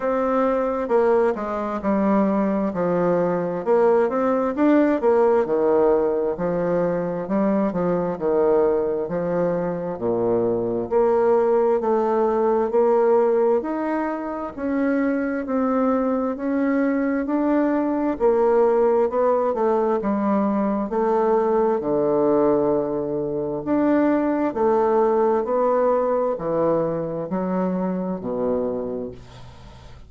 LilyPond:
\new Staff \with { instrumentName = "bassoon" } { \time 4/4 \tempo 4 = 66 c'4 ais8 gis8 g4 f4 | ais8 c'8 d'8 ais8 dis4 f4 | g8 f8 dis4 f4 ais,4 | ais4 a4 ais4 dis'4 |
cis'4 c'4 cis'4 d'4 | ais4 b8 a8 g4 a4 | d2 d'4 a4 | b4 e4 fis4 b,4 | }